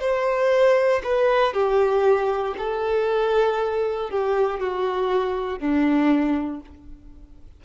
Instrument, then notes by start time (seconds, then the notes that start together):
violin
0.00 C5
1.04 B4
1.53 G4
2.57 A4
4.10 G4
4.59 F#4
5.59 D4